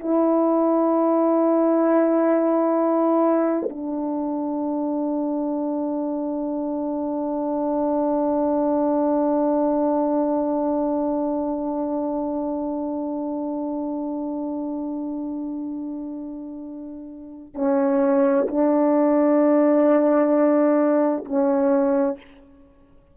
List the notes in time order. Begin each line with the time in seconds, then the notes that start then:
0.00 E4
3.70 D4
17.55 C#4
18.48 D4
21.25 C#4